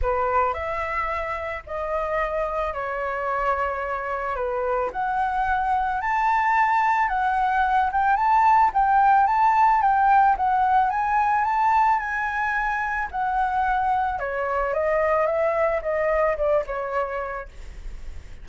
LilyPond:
\new Staff \with { instrumentName = "flute" } { \time 4/4 \tempo 4 = 110 b'4 e''2 dis''4~ | dis''4 cis''2. | b'4 fis''2 a''4~ | a''4 fis''4. g''8 a''4 |
g''4 a''4 g''4 fis''4 | gis''4 a''4 gis''2 | fis''2 cis''4 dis''4 | e''4 dis''4 d''8 cis''4. | }